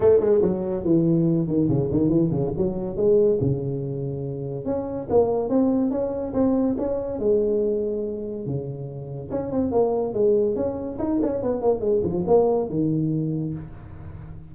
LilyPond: \new Staff \with { instrumentName = "tuba" } { \time 4/4 \tempo 4 = 142 a8 gis8 fis4 e4. dis8 | cis8 dis8 e8 cis8 fis4 gis4 | cis2. cis'4 | ais4 c'4 cis'4 c'4 |
cis'4 gis2. | cis2 cis'8 c'8 ais4 | gis4 cis'4 dis'8 cis'8 b8 ais8 | gis8 f8 ais4 dis2 | }